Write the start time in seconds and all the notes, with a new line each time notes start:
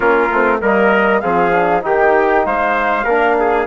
0.00 A#3 C#4 F4 A#4
0.31 A3 C4
0.60 G3 A#3 A#4 D#5
1.20 F3 C4 G#4 F5
1.51 D4
1.81 D#3 D#4 G4 G5
2.45 G#3 C5 F5
3.04 A#3 D4 A#4
3.39 G#4